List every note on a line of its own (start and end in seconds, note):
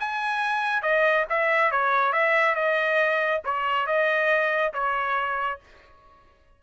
0.00 0.83 G#5
0.83 1.26 D#5
1.30 1.72 E5
1.72 2.13 C#5
2.13 2.55 E5
2.55 3.42 D#5
3.45 3.87 C#5
3.87 4.73 D#5
4.74 5.60 C#5